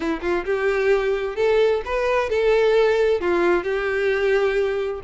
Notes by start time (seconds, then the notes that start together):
0.00 E4
0.21 F4
0.45 G4
1.36 A4
1.85 B4
2.29 A4
3.21 F4
3.63 G4